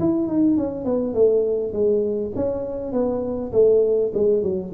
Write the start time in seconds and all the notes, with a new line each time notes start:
0.00 E4
0.28 D#4
0.57 C#4
0.85 B3
1.14 A3
1.73 G#3
2.36 C#4
2.93 B3
3.53 A3
4.14 G#3
4.43 F#3